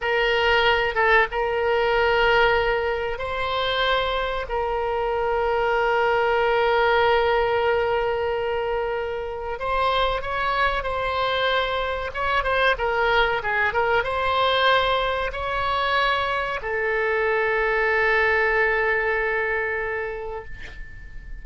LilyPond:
\new Staff \with { instrumentName = "oboe" } { \time 4/4 \tempo 4 = 94 ais'4. a'8 ais'2~ | ais'4 c''2 ais'4~ | ais'1~ | ais'2. c''4 |
cis''4 c''2 cis''8 c''8 | ais'4 gis'8 ais'8 c''2 | cis''2 a'2~ | a'1 | }